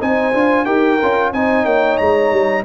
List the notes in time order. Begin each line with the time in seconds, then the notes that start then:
0.00 C4 D#4 C5 G#5
0.33 D4 F4
0.65 D#4 G4 A#4 G5
1.02 C#4 F4
1.32 C4 D#4 C5 G#5
1.65 A#3 C#5 G5
1.98 G#3 A#5
2.32 G3